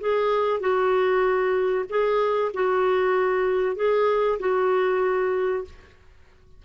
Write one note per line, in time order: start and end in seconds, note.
0.00 0.60 G#4
0.60 1.85 F#4
1.89 2.52 G#4
2.54 3.76 F#4
3.76 4.38 G#4
4.39 5.64 F#4